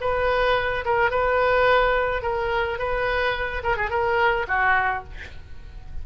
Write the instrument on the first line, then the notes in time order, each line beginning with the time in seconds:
oboe
0.00 B4
0.85 A#4
1.10 B4
2.22 A#4
2.78 B4
3.63 A#4
3.76 G#4
3.90 A#4
4.47 F#4